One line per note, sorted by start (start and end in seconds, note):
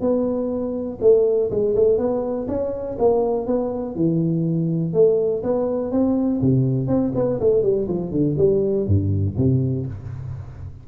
0.00 0.98 B3
1.01 1.50 A3
1.50 1.75 G#3
1.75 1.98 A3
1.98 2.47 B3
2.47 2.96 C#4
2.98 3.46 A#3
3.46 3.95 B3
3.95 4.93 E3
4.93 5.42 A3
5.43 5.91 B3
5.91 6.40 C4
6.41 6.87 C3
6.87 7.12 C4
7.15 7.39 B3
7.40 7.62 A3
7.62 7.87 G3
7.88 8.11 F3
8.11 8.36 D3
8.37 8.86 G3
8.86 9.36 G2
9.37 9.86 C3